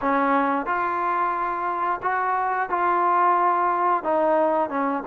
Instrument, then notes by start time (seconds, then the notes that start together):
trombone
0.01 C#4
0.66 F4
2.02 F#4
2.69 F4
4.03 D#4
4.69 C#4